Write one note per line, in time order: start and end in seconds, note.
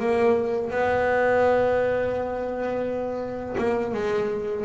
0.00 0.71 A#3
0.71 3.56 B3
3.58 3.94 A#3
3.94 4.65 G#3